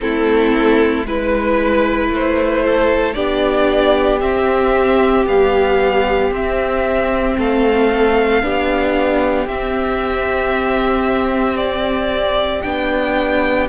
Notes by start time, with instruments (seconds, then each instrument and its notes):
0.00 cello A3, viola C4, violin E4 A4
1.05 cello G#3, viola E4, violin B4
2.08 cello A3, violin C5
2.65 violin A4
3.14 cello B3, viola D4, violin G4 D5
4.20 viola C4, cello C4, violin E5
5.25 viola G3, cello B3, violin F5
6.31 cello C4, viola C4, violin E5
7.37 cello A3, violin A4 F5
8.42 cello B3, viola D4, violin G4
9.46 cello C4, viola C4, violin E5
11.56 violin D5
12.61 cello B3, viola D4, violin G5